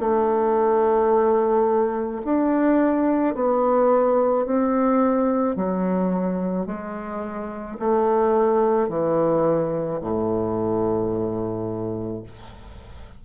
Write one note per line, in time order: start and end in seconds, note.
0.00 2.22 A3
2.25 3.35 D4
3.35 4.46 B3
4.46 5.56 C4
5.56 6.66 F#3
6.66 7.77 G#3
7.80 8.89 A3
8.89 10.00 E3
10.01 12.23 A2